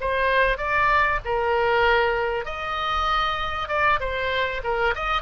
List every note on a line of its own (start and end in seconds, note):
0.00 0.58 C5
0.58 1.19 D5
1.24 2.45 A#4
2.45 3.68 D#5
3.68 3.99 D5
4.00 4.61 C5
4.63 4.94 A#4
4.95 5.22 D#5